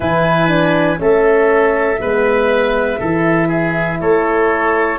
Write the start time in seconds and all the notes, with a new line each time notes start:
0.00 E3 E4 B4 G#5
0.48 D4
0.97 A3 C#4 A4 E5
1.99 G#3 B3 B4
2.99 E3 E4 A4
3.48 G#4
4.00 A3 A4 C#5